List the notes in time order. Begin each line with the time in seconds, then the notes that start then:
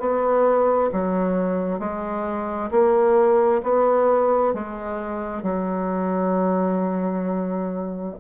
0.00 B3
0.93 F#3
1.79 G#3
2.71 A#3
3.63 B3
4.54 G#3
5.43 F#3